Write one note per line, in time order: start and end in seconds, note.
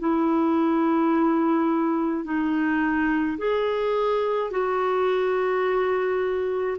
0.00 2.25 E4
2.25 3.38 D#4
3.39 4.51 G#4
4.51 6.78 F#4